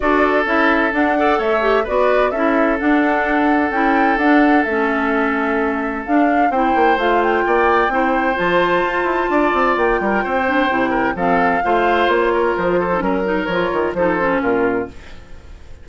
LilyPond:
<<
  \new Staff \with { instrumentName = "flute" } { \time 4/4 \tempo 4 = 129 d''4 e''4 fis''4 e''4 | d''4 e''4 fis''2 | g''4 fis''4 e''2~ | e''4 f''4 g''4 f''8 g''8~ |
g''2 a''2~ | a''4 g''2. | f''2 cis''4 c''4 | ais'4 cis''4 c''4 ais'4 | }
  \new Staff \with { instrumentName = "oboe" } { \time 4/4 a'2~ a'8 d''8 cis''4 | b'4 a'2.~ | a'1~ | a'2 c''2 |
d''4 c''2. | d''4. ais'8 c''4. ais'8 | a'4 c''4. ais'4 a'8 | ais'2 a'4 f'4 | }
  \new Staff \with { instrumentName = "clarinet" } { \time 4/4 fis'4 e'4 d'8 a'4 g'8 | fis'4 e'4 d'2 | e'4 d'4 cis'2~ | cis'4 d'4 e'4 f'4~ |
f'4 e'4 f'2~ | f'2~ f'8 d'8 e'4 | c'4 f'2~ f'8. dis'16 | cis'8 dis'8 f'4 dis'8 cis'4. | }
  \new Staff \with { instrumentName = "bassoon" } { \time 4/4 d'4 cis'4 d'4 a4 | b4 cis'4 d'2 | cis'4 d'4 a2~ | a4 d'4 c'8 ais8 a4 |
ais4 c'4 f4 f'8 e'8 | d'8 c'8 ais8 g8 c'4 c4 | f4 a4 ais4 f4 | fis4 f8 dis8 f4 ais,4 | }
>>